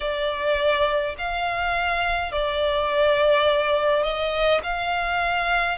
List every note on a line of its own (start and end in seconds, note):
0.00 1.15 D5
1.17 2.32 F5
2.32 4.03 D5
4.03 4.60 D#5
4.63 5.77 F5